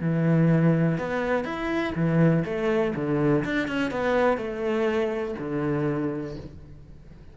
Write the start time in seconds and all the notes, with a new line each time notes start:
0.00 E3
0.98 B3
1.44 E4
1.95 E3
2.45 A3
2.95 D3
3.44 D4
3.67 C#4
3.91 B3
4.37 A3
5.39 D3